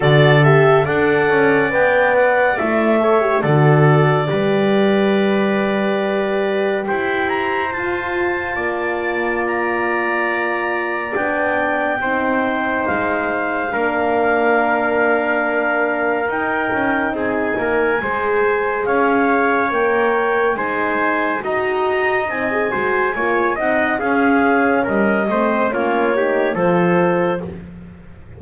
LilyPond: <<
  \new Staff \with { instrumentName = "clarinet" } { \time 4/4 \tempo 4 = 70 d''8 e''8 fis''4 g''8 fis''8 e''4 | d''1 | g''8 ais''8 a''2 ais''4~ | ais''4 g''2 f''4~ |
f''2. g''4 | gis''2 f''4 g''4 | gis''4 ais''4 gis''4. fis''8 | f''4 dis''4 cis''4 c''4 | }
  \new Staff \with { instrumentName = "trumpet" } { \time 4/4 a'4 d''2~ d''8 cis''8 | a'4 b'2. | c''2 d''2~ | d''2 c''2 |
ais'1 | gis'8 ais'8 c''4 cis''2 | c''4 dis''4. c''8 cis''8 dis''8 | gis'4 ais'8 c''8 f'8 g'8 a'4 | }
  \new Staff \with { instrumentName = "horn" } { \time 4/4 fis'8 g'8 a'4 b'4 e'8 a'16 g'16 | fis'4 g'2.~ | g'4 f'2.~ | f'4 d'4 dis'2 |
d'2. dis'4~ | dis'4 gis'2 ais'4 | dis'4 fis'4 dis'16 gis'16 fis'8 f'8 dis'8 | cis'4. c'8 cis'8 dis'8 f'4 | }
  \new Staff \with { instrumentName = "double bass" } { \time 4/4 d4 d'8 cis'8 b4 a4 | d4 g2. | e'4 f'4 ais2~ | ais4 b4 c'4 gis4 |
ais2. dis'8 cis'8 | c'8 ais8 gis4 cis'4 ais4 | gis4 dis'4 c'8 gis8 ais8 c'8 | cis'4 g8 a8 ais4 f4 | }
>>